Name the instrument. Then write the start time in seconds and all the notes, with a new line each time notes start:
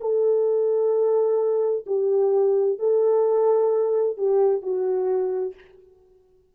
horn
0.00 A4
1.86 G4
2.79 A4
4.17 G4
4.62 F#4